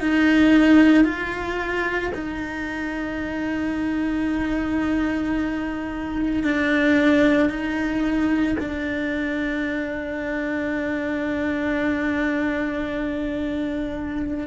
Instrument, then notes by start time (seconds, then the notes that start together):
cello
0.00 D#4
1.04 F4
2.14 D#4
6.43 D4
7.49 D#4
8.59 D4